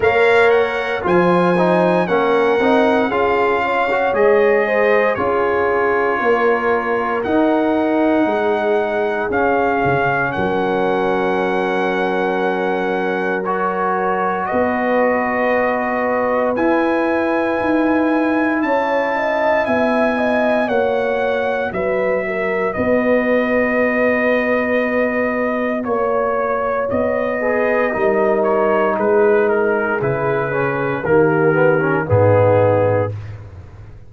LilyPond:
<<
  \new Staff \with { instrumentName = "trumpet" } { \time 4/4 \tempo 4 = 58 f''8 fis''8 gis''4 fis''4 f''4 | dis''4 cis''2 fis''4~ | fis''4 f''4 fis''2~ | fis''4 cis''4 dis''2 |
gis''2 a''4 gis''4 | fis''4 e''4 dis''2~ | dis''4 cis''4 dis''4. cis''8 | b'8 ais'8 b'4 ais'4 gis'4 | }
  \new Staff \with { instrumentName = "horn" } { \time 4/4 cis''4 c''4 ais'4 gis'8 cis''8~ | cis''8 c''8 gis'4 ais'2 | gis'2 ais'2~ | ais'2 b'2~ |
b'2 cis''8 dis''8 e''8 dis''8 | cis''4 b'8 ais'8 b'2~ | b'4 cis''4. b'8 ais'4 | gis'2 g'4 dis'4 | }
  \new Staff \with { instrumentName = "trombone" } { \time 4/4 ais'4 f'8 dis'8 cis'8 dis'8 f'8. fis'16 | gis'4 f'2 dis'4~ | dis'4 cis'2.~ | cis'4 fis'2. |
e'1 | fis'1~ | fis'2~ fis'8 gis'8 dis'4~ | dis'4 e'8 cis'8 ais8 b16 cis'16 b4 | }
  \new Staff \with { instrumentName = "tuba" } { \time 4/4 ais4 f4 ais8 c'8 cis'4 | gis4 cis'4 ais4 dis'4 | gis4 cis'8 cis8 fis2~ | fis2 b2 |
e'4 dis'4 cis'4 b4 | ais4 fis4 b2~ | b4 ais4 b4 g4 | gis4 cis4 dis4 gis,4 | }
>>